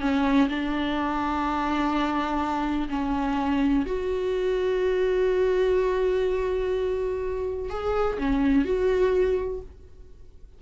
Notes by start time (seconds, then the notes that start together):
0.00 C#4
0.49 D4
2.89 C#4
3.86 F#4
7.69 G#4
8.18 C#4
8.64 F#4